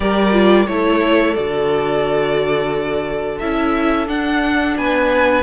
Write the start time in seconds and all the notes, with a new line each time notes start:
0.00 G3 G4 A#4 D5
0.32 F4
0.66 A3 E4 A4 C#5
1.34 D3 F#4 D5
3.39 C#4 E4 E5
4.07 D4 F#5
4.77 B3 B4 G#5